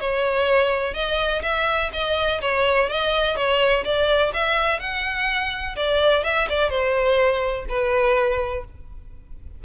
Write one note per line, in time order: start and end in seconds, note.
0.00 0.94 C#5
0.94 1.42 D#5
1.42 1.90 E5
1.93 2.41 D#5
2.41 2.89 C#5
2.89 3.36 D#5
3.36 3.84 C#5
3.84 4.32 D5
4.34 4.79 E5
4.79 5.75 F#5
5.76 6.24 D5
6.24 6.48 E5
6.49 6.69 D5
6.69 7.65 C5
7.68 8.64 B4